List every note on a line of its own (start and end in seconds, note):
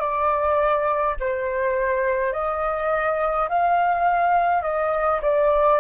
0.00 1.15 D5
1.21 2.33 C5
2.33 3.49 D#5
3.49 4.63 F5
4.63 5.21 D#5
5.22 5.80 D5